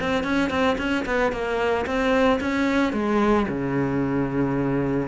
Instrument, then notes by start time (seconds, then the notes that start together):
cello
0.00 C4
0.23 C#4
0.49 C4
0.78 C#4
1.05 B3
1.31 A#3
1.86 C4
2.40 C#4
2.92 G#3
3.48 C#3